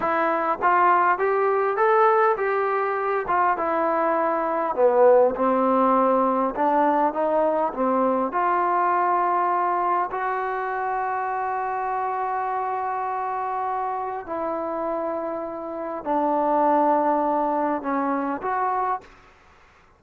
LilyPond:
\new Staff \with { instrumentName = "trombone" } { \time 4/4 \tempo 4 = 101 e'4 f'4 g'4 a'4 | g'4. f'8 e'2 | b4 c'2 d'4 | dis'4 c'4 f'2~ |
f'4 fis'2.~ | fis'1 | e'2. d'4~ | d'2 cis'4 fis'4 | }